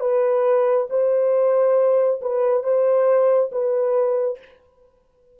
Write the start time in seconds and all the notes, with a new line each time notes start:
0.00 B4
0.90 C5
2.21 B4
2.63 C5
3.52 B4